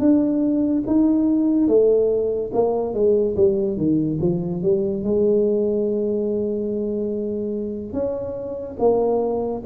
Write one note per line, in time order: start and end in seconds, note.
0.00 0.83 D4
0.87 1.68 D#4
1.68 2.51 A3
2.53 2.94 A#3
2.94 3.36 G#3
3.36 3.77 G3
3.77 4.19 D#3
4.21 4.62 F3
4.62 5.03 G3
5.03 7.93 G#3
7.93 8.76 C#4
8.79 9.62 A#3